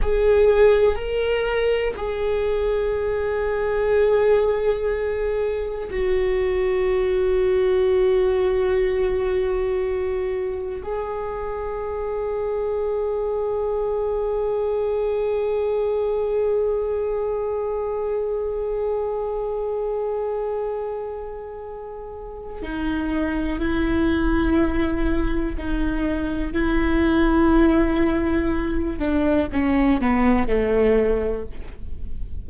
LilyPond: \new Staff \with { instrumentName = "viola" } { \time 4/4 \tempo 4 = 61 gis'4 ais'4 gis'2~ | gis'2 fis'2~ | fis'2. gis'4~ | gis'1~ |
gis'1~ | gis'2. dis'4 | e'2 dis'4 e'4~ | e'4. d'8 cis'8 b8 a4 | }